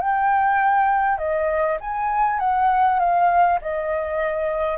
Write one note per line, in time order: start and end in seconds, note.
0.00 1.18 G5
1.18 1.78 D#5
1.80 2.39 G#5
2.39 2.99 F#5
2.99 3.59 F5
3.61 4.78 D#5